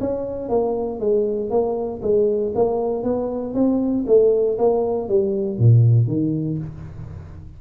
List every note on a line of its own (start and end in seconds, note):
0.00 0.49 C#4
0.49 0.99 A#3
0.99 1.50 G#3
1.50 2.00 A#3
2.02 2.53 G#3
2.54 3.03 A#3
3.03 3.54 B3
3.54 4.05 C4
4.07 4.58 A3
4.58 5.08 A#3
5.08 5.58 G3
5.58 6.07 A#2
6.07 6.58 D#3